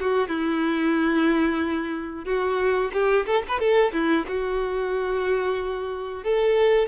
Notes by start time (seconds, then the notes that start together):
0.00 F#4
0.28 E4
2.25 F#4
2.93 G4
3.26 A4
3.48 B4
3.59 A4
3.92 E4
4.28 F#4
6.24 A4